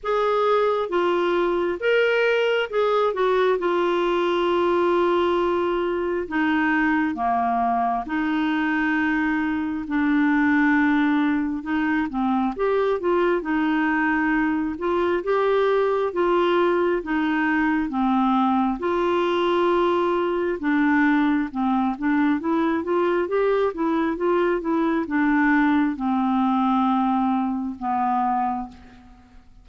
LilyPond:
\new Staff \with { instrumentName = "clarinet" } { \time 4/4 \tempo 4 = 67 gis'4 f'4 ais'4 gis'8 fis'8 | f'2. dis'4 | ais4 dis'2 d'4~ | d'4 dis'8 c'8 g'8 f'8 dis'4~ |
dis'8 f'8 g'4 f'4 dis'4 | c'4 f'2 d'4 | c'8 d'8 e'8 f'8 g'8 e'8 f'8 e'8 | d'4 c'2 b4 | }